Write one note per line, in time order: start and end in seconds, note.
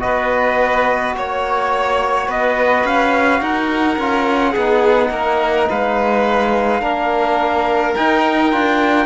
0.00 1.16 B3
0.00 3.96 F#4
0.00 1.16 B4
0.00 1.14 D#5
1.16 2.28 A#3
1.16 2.28 C#5
1.16 2.31 C#5
2.28 2.84 B3
2.28 3.41 B4
2.28 2.87 D#5
2.85 3.41 C#4
2.85 3.43 F5
3.41 3.98 D#4
3.41 4.51 A#4
3.41 5.70 F#5
3.98 4.55 C#4
3.98 4.56 F4
4.51 5.10 B3
4.51 6.81 D#4
4.51 5.08 G#4
5.10 5.67 A#3
5.10 5.69 A#4
5.69 6.82 G#3
5.69 6.81 B4
5.69 7.96 F5
6.81 7.95 A#3
6.81 7.94 D4
6.81 9.06 A#4
7.96 8.52 D#4
7.96 8.54 D#4
7.96 9.06 G5
8.52 9.06 D4
8.52 9.06 F4